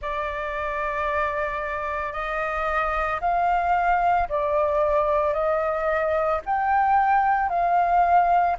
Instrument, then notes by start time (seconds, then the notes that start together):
flute
0.01 D5
2.12 D#5
3.20 F5
4.29 D5
5.33 D#5
6.45 G5
7.49 F5